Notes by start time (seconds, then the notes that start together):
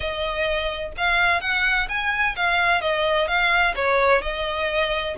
0.00 D#5
0.97 F5
1.41 F#5
1.88 G#5
2.36 F5
2.81 D#5
3.27 F5
3.75 C#5
4.21 D#5